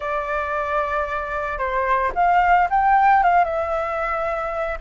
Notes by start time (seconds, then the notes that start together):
0.00 D5
1.58 C5
2.15 F5
2.70 G5
3.23 F5
3.44 E5